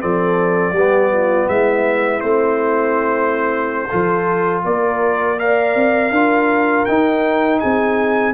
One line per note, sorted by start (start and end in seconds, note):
0.00 0.73 F3
0.00 0.74 C4
0.00 0.74 A4
0.00 1.49 D5
0.73 1.47 G3
0.73 2.22 B3
0.73 1.11 G4
1.13 1.49 F4
1.48 2.22 G#3
1.48 3.89 E4
1.48 2.20 E5
2.20 3.89 A3
2.20 3.88 C4
2.20 4.61 C5
3.89 4.65 F3
3.89 5.38 F4
3.89 4.63 A4
4.65 5.75 A#3
4.65 5.39 A#4
4.65 5.40 D5
5.39 6.13 A#4
5.39 6.12 D5
5.39 6.85 F5
5.75 6.11 C4
6.11 6.85 D4
6.11 6.88 F4
6.11 7.60 A#4
6.85 8.34 D#4
6.85 7.62 D#4
6.85 7.59 G5
7.60 8.34 C4
7.60 8.34 G#4
7.60 8.34 G#5